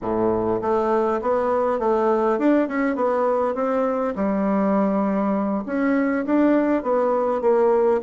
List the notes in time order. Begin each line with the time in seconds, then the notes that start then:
0.01 A2
0.61 A3
1.21 B3
1.79 A3
2.38 D4
2.67 C#4
2.95 B3
3.55 C4
4.15 G3
5.66 C#4
6.25 D4
6.82 B3
7.41 A#3